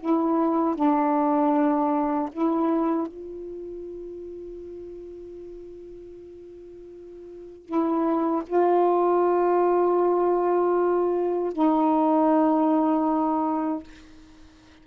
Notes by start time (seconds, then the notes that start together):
0.00 E4
0.75 D4
2.32 E4
3.07 F4
7.66 E4
8.47 F4
11.53 D#4